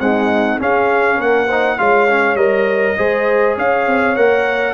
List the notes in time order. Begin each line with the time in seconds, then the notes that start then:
0.00 G#3 C4 D#4 F#5
0.59 C#4 G#4 F5
1.17 A#3 A#4 F#5
1.47 D#4 C5
1.78 G#3 F4 C#5 F5
2.09 C#4
2.35 G3 A#4 D#5
2.98 G#3 G#4 C5
3.57 C#4 C#5 F5
3.87 C4
4.16 A#3 A#4 F#5